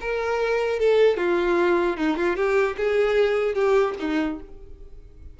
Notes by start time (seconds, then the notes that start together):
0.00 A#4
0.79 A4
1.17 F4
1.97 D#4
2.16 F4
2.36 G4
2.77 G#4
3.54 G4
3.99 D#4